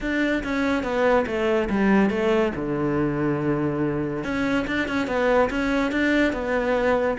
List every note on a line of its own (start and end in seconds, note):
0.00 0.43 D4
0.43 0.83 C#4
0.83 1.25 B3
1.26 1.68 A3
1.69 2.10 G3
2.10 2.52 A3
2.55 4.23 D3
4.23 4.66 C#4
4.67 4.88 D4
4.88 5.07 C#4
5.07 5.49 B3
5.49 5.91 C#4
5.91 6.32 D4
6.32 7.17 B3